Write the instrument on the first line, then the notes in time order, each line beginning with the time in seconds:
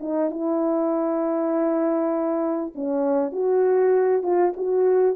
horn
0.00 D#4
0.30 E4
2.75 C#4
3.32 F#4
4.23 F4
4.56 F#4